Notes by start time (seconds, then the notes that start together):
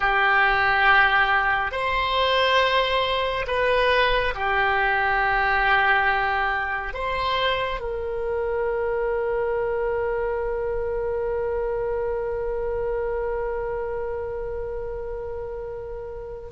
0.00 G4
1.71 C5
3.47 B4
4.34 G4
6.93 C5
7.80 A#4